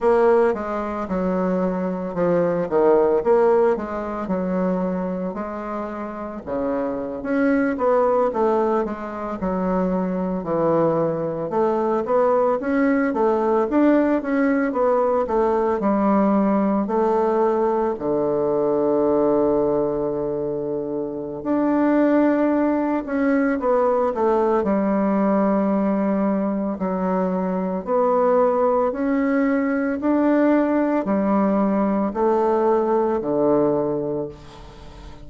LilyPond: \new Staff \with { instrumentName = "bassoon" } { \time 4/4 \tempo 4 = 56 ais8 gis8 fis4 f8 dis8 ais8 gis8 | fis4 gis4 cis8. cis'8 b8 a16~ | a16 gis8 fis4 e4 a8 b8 cis'16~ | cis'16 a8 d'8 cis'8 b8 a8 g4 a16~ |
a8. d2.~ d16 | d'4. cis'8 b8 a8 g4~ | g4 fis4 b4 cis'4 | d'4 g4 a4 d4 | }